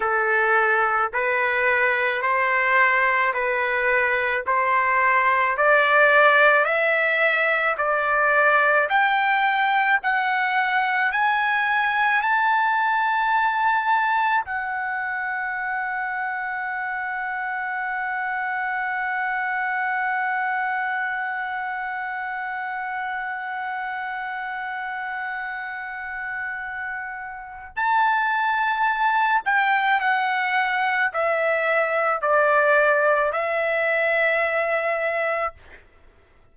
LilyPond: \new Staff \with { instrumentName = "trumpet" } { \time 4/4 \tempo 4 = 54 a'4 b'4 c''4 b'4 | c''4 d''4 e''4 d''4 | g''4 fis''4 gis''4 a''4~ | a''4 fis''2.~ |
fis''1~ | fis''1~ | fis''4 a''4. g''8 fis''4 | e''4 d''4 e''2 | }